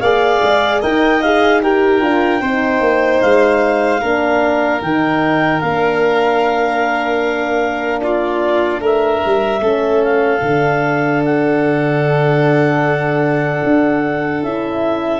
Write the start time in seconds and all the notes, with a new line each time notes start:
0.00 A#3 G#4 D5 F5
0.42 G#3
0.81 D#4 A#4 D#5 G5
1.22 G#4 F5
1.62 G4 A#4 G5
2.01 D4 F4
2.41 C4 D#4 C5
2.80 A#3
3.21 G#3 F5
4.00 A#3 D4 A#4
4.81 D#3 D#4 G5
5.60 A#3 D4 F5
8.01 F4 D5
8.79 A3 A#4 E5
9.25 G3
9.60 A3 C#4 A4
10.03 F5
10.41 D3 D4
11.24 F#5
13.63 D4
14.42 C#4 E4 E5